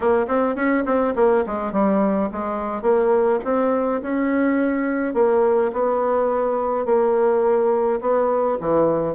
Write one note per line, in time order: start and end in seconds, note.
0.00 0.26 A#3
0.27 0.55 C4
0.55 0.84 C#4
0.85 1.14 C4
1.15 1.44 A#3
1.46 1.72 G#3
1.72 2.29 G3
2.32 2.82 G#3
2.82 3.39 A#3
3.44 4.01 C4
4.02 5.14 C#4
5.14 5.71 A#3
5.72 6.85 B3
6.85 7.99 A#3
8.01 8.58 B3
8.60 9.15 E3